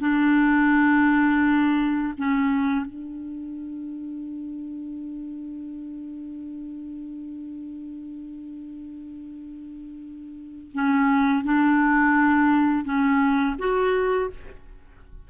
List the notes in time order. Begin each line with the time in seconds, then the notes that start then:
0.00 D4
2.18 C#4
2.86 D4
10.74 C#4
11.44 D4
12.85 C#4
13.59 F#4